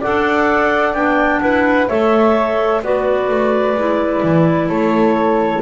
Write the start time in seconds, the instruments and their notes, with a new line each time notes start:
0.00 double bass D4, clarinet A4 F#5, flute D5
0.94 double bass B3, clarinet D4 G5
1.41 double bass E4, flute B4, clarinet F#5
1.88 double bass A3, clarinet A4 E5, flute C#5
2.82 double bass B3, clarinet F#4 D5, flute B4
3.29 double bass A3
3.75 double bass G#3, clarinet E4
4.23 double bass E3
4.69 double bass A3, flute A4, clarinet C#5